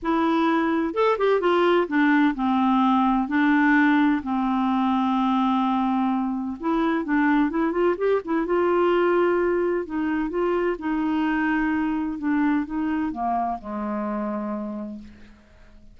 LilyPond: \new Staff \with { instrumentName = "clarinet" } { \time 4/4 \tempo 4 = 128 e'2 a'8 g'8 f'4 | d'4 c'2 d'4~ | d'4 c'2.~ | c'2 e'4 d'4 |
e'8 f'8 g'8 e'8 f'2~ | f'4 dis'4 f'4 dis'4~ | dis'2 d'4 dis'4 | ais4 gis2. | }